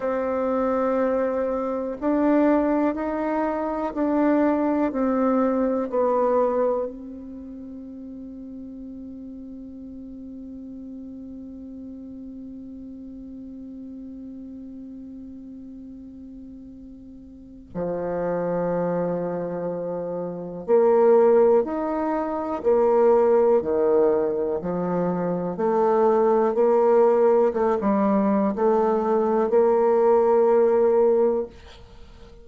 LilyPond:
\new Staff \with { instrumentName = "bassoon" } { \time 4/4 \tempo 4 = 61 c'2 d'4 dis'4 | d'4 c'4 b4 c'4~ | c'1~ | c'1~ |
c'2 f2~ | f4 ais4 dis'4 ais4 | dis4 f4 a4 ais4 | a16 g8. a4 ais2 | }